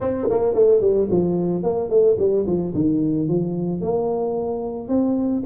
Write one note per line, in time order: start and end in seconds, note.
0.00 0.28 C4
0.30 0.54 A#3
0.54 0.80 A3
0.80 1.08 G3
1.10 1.63 F3
1.63 1.89 A#3
1.89 2.16 A3
2.18 2.45 G3
2.46 2.73 F3
2.74 3.28 D#3
3.28 3.81 F3
3.81 4.88 A#3
4.88 5.42 C4